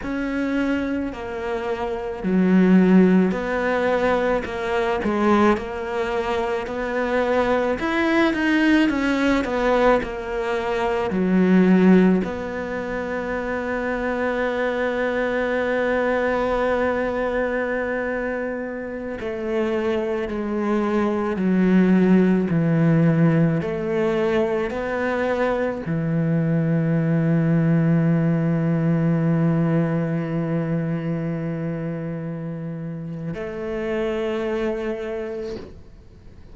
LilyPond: \new Staff \with { instrumentName = "cello" } { \time 4/4 \tempo 4 = 54 cis'4 ais4 fis4 b4 | ais8 gis8 ais4 b4 e'8 dis'8 | cis'8 b8 ais4 fis4 b4~ | b1~ |
b4~ b16 a4 gis4 fis8.~ | fis16 e4 a4 b4 e8.~ | e1~ | e2 a2 | }